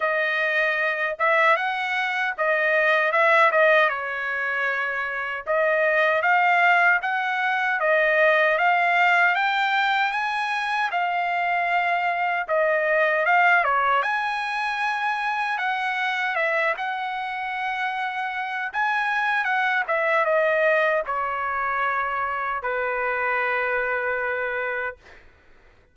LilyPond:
\new Staff \with { instrumentName = "trumpet" } { \time 4/4 \tempo 4 = 77 dis''4. e''8 fis''4 dis''4 | e''8 dis''8 cis''2 dis''4 | f''4 fis''4 dis''4 f''4 | g''4 gis''4 f''2 |
dis''4 f''8 cis''8 gis''2 | fis''4 e''8 fis''2~ fis''8 | gis''4 fis''8 e''8 dis''4 cis''4~ | cis''4 b'2. | }